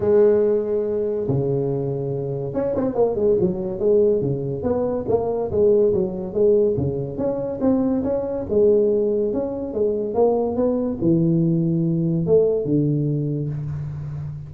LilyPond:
\new Staff \with { instrumentName = "tuba" } { \time 4/4 \tempo 4 = 142 gis2. cis4~ | cis2 cis'8 c'8 ais8 gis8 | fis4 gis4 cis4 b4 | ais4 gis4 fis4 gis4 |
cis4 cis'4 c'4 cis'4 | gis2 cis'4 gis4 | ais4 b4 e2~ | e4 a4 d2 | }